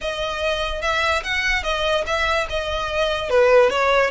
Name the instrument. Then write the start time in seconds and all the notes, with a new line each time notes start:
violin
0.01 D#5
0.81 E5
1.23 F#5
1.63 D#5
2.06 E5
2.49 D#5
3.29 B4
3.70 C#5